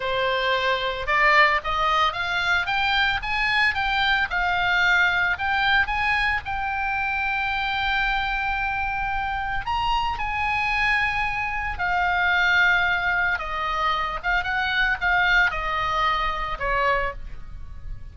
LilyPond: \new Staff \with { instrumentName = "oboe" } { \time 4/4 \tempo 4 = 112 c''2 d''4 dis''4 | f''4 g''4 gis''4 g''4 | f''2 g''4 gis''4 | g''1~ |
g''2 ais''4 gis''4~ | gis''2 f''2~ | f''4 dis''4. f''8 fis''4 | f''4 dis''2 cis''4 | }